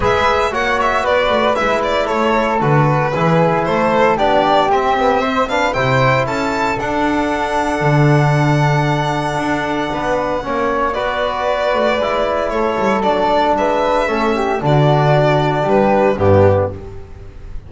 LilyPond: <<
  \new Staff \with { instrumentName = "violin" } { \time 4/4 \tempo 4 = 115 e''4 fis''8 e''8 d''4 e''8 d''8 | cis''4 b'2 c''4 | d''4 e''4. f''8 g''4 | a''4 fis''2.~ |
fis''1~ | fis''4 d''2. | cis''4 d''4 e''2 | d''2 b'4 g'4 | }
  \new Staff \with { instrumentName = "flute" } { \time 4/4 b'4 cis''4 b'2 | a'2 gis'4 a'4 | g'2 c''8 b'8 c''4 | a'1~ |
a'2. b'4 | cis''4 b'2. | a'2 b'4 a'8 g'8 | fis'2 g'4 d'4 | }
  \new Staff \with { instrumentName = "trombone" } { \time 4/4 gis'4 fis'2 e'4~ | e'4 fis'4 e'2 | d'4 c'8 b8 c'8 d'8 e'4~ | e'4 d'2.~ |
d'1 | cis'4 fis'2 e'4~ | e'4 d'2 cis'4 | d'2. b4 | }
  \new Staff \with { instrumentName = "double bass" } { \time 4/4 gis4 ais4 b8 a8 gis4 | a4 d4 e4 a4 | b4 c'2 c4 | cis'4 d'2 d4~ |
d2 d'4 b4 | ais4 b4. a8 gis4 | a8 g8 fis4 gis4 a4 | d2 g4 g,4 | }
>>